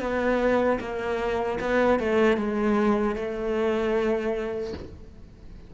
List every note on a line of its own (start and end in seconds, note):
0.00 0.79 B3
0.80 1.59 A#3
1.60 2.00 B3
2.00 2.37 A3
2.37 3.15 G#3
3.15 4.73 A3